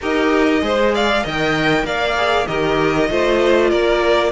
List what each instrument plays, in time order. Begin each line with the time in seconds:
0.01 cello D#4, viola G4, violin A#4 D#5
0.61 cello G#3, viola G#4, violin C5
0.94 violin D5 F5
1.22 cello D#3, viola A#4, violin D#5 G5
1.84 cello A#3, violin D5 F5
2.16 viola G#4
2.47 cello D#3, viola G4, violin A#4 D#5
3.09 cello A3, viola F4, violin C5
3.70 cello A#3, violin A#4 D5